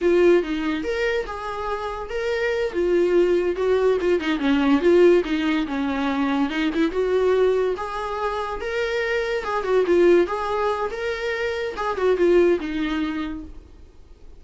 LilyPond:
\new Staff \with { instrumentName = "viola" } { \time 4/4 \tempo 4 = 143 f'4 dis'4 ais'4 gis'4~ | gis'4 ais'4. f'4.~ | f'8 fis'4 f'8 dis'8 cis'4 f'8~ | f'8 dis'4 cis'2 dis'8 |
e'8 fis'2 gis'4.~ | gis'8 ais'2 gis'8 fis'8 f'8~ | f'8 gis'4. ais'2 | gis'8 fis'8 f'4 dis'2 | }